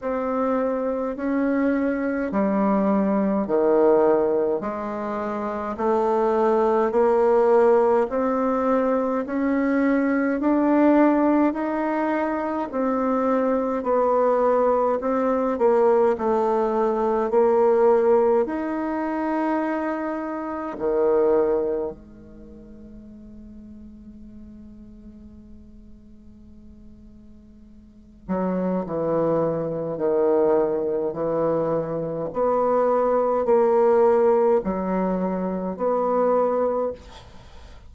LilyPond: \new Staff \with { instrumentName = "bassoon" } { \time 4/4 \tempo 4 = 52 c'4 cis'4 g4 dis4 | gis4 a4 ais4 c'4 | cis'4 d'4 dis'4 c'4 | b4 c'8 ais8 a4 ais4 |
dis'2 dis4 gis4~ | gis1~ | gis8 fis8 e4 dis4 e4 | b4 ais4 fis4 b4 | }